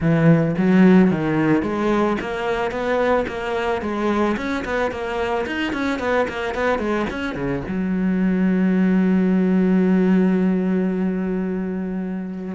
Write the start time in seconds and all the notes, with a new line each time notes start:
0.00 E3
0.57 F#3
1.11 D#3
1.62 G#3
2.20 A#3
2.71 B3
3.27 A#3
3.81 G#3
4.36 C#4
4.65 B3
4.91 A#3
5.46 D#4
5.72 C#4
5.99 B3
6.28 A#3
6.54 B3
6.78 G#3
7.10 C#4
7.35 C#3
7.68 F#3